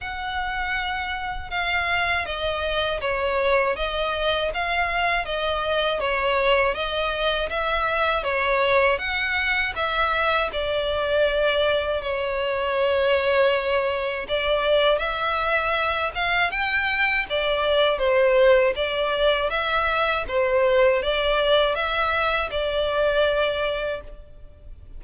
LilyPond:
\new Staff \with { instrumentName = "violin" } { \time 4/4 \tempo 4 = 80 fis''2 f''4 dis''4 | cis''4 dis''4 f''4 dis''4 | cis''4 dis''4 e''4 cis''4 | fis''4 e''4 d''2 |
cis''2. d''4 | e''4. f''8 g''4 d''4 | c''4 d''4 e''4 c''4 | d''4 e''4 d''2 | }